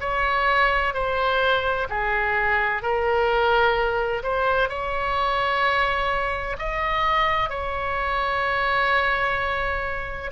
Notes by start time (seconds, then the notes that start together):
0.00 C#5
0.94 C5
1.89 G#4
2.82 A#4
4.23 C5
4.69 C#5
6.58 D#5
7.49 C#5